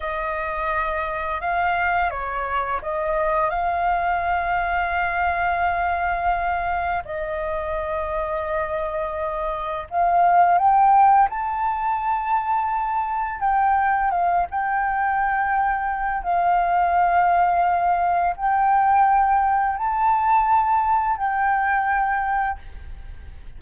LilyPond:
\new Staff \with { instrumentName = "flute" } { \time 4/4 \tempo 4 = 85 dis''2 f''4 cis''4 | dis''4 f''2.~ | f''2 dis''2~ | dis''2 f''4 g''4 |
a''2. g''4 | f''8 g''2~ g''8 f''4~ | f''2 g''2 | a''2 g''2 | }